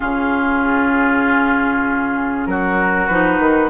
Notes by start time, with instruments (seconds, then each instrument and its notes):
0.00 bassoon C#3, clarinet C#4, oboe F4, flute G#4
2.46 bassoon F#3, oboe F#4, flute A#4
3.07 bassoon F3, clarinet D#4, flute B4
3.38 bassoon D#3